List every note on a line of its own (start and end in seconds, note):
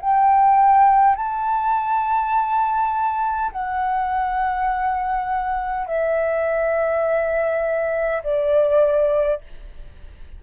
0.00 1.16 G5
1.16 3.51 A5
3.52 5.87 F#5
5.87 8.22 E5
8.24 9.41 D5